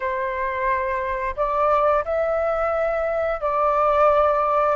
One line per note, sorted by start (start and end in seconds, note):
0.00 1.35 C5
1.36 2.04 D5
2.05 3.41 E5
3.41 4.75 D5